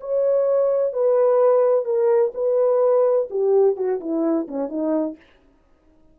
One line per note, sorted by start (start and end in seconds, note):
0.00 0.93 C#5
0.93 1.84 B4
1.84 2.32 A#4
2.34 3.28 B4
3.30 3.76 G4
3.76 4.00 F#4
4.00 4.47 E4
4.48 4.69 C#4
4.69 5.16 D#4